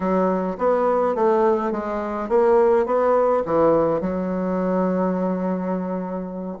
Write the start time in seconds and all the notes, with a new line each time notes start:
0.00 F#3
0.58 B3
1.15 A3
1.71 G#3
2.29 A#3
2.85 B3
3.45 E3
4.01 F#3